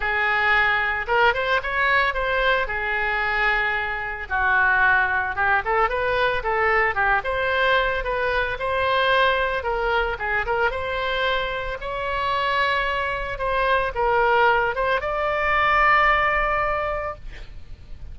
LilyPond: \new Staff \with { instrumentName = "oboe" } { \time 4/4 \tempo 4 = 112 gis'2 ais'8 c''8 cis''4 | c''4 gis'2. | fis'2 g'8 a'8 b'4 | a'4 g'8 c''4. b'4 |
c''2 ais'4 gis'8 ais'8 | c''2 cis''2~ | cis''4 c''4 ais'4. c''8 | d''1 | }